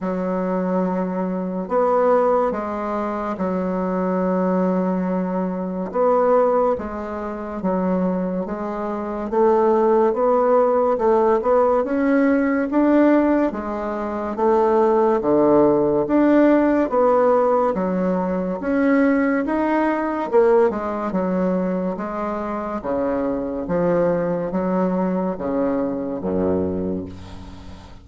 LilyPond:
\new Staff \with { instrumentName = "bassoon" } { \time 4/4 \tempo 4 = 71 fis2 b4 gis4 | fis2. b4 | gis4 fis4 gis4 a4 | b4 a8 b8 cis'4 d'4 |
gis4 a4 d4 d'4 | b4 fis4 cis'4 dis'4 | ais8 gis8 fis4 gis4 cis4 | f4 fis4 cis4 fis,4 | }